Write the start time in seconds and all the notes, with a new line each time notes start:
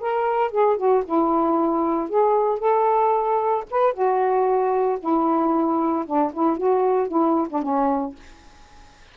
0.00 A#4
0.51 G#4
0.77 F#4
1.05 E4
2.09 G#4
2.59 A4
3.71 B4
3.93 F#4
5.00 E4
6.06 D4
6.33 E4
6.57 F#4
7.08 E4
7.49 D4
7.62 C#4